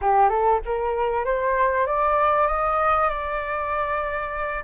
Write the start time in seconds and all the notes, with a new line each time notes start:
0.01 G4
0.29 A4
0.65 A#4
1.24 C5
1.86 D5
2.47 D#5
3.09 D5